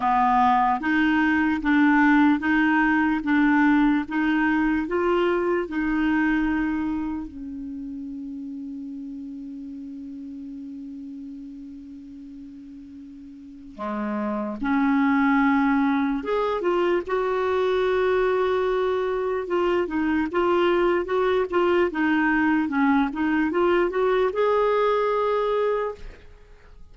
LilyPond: \new Staff \with { instrumentName = "clarinet" } { \time 4/4 \tempo 4 = 74 b4 dis'4 d'4 dis'4 | d'4 dis'4 f'4 dis'4~ | dis'4 cis'2.~ | cis'1~ |
cis'4 gis4 cis'2 | gis'8 f'8 fis'2. | f'8 dis'8 f'4 fis'8 f'8 dis'4 | cis'8 dis'8 f'8 fis'8 gis'2 | }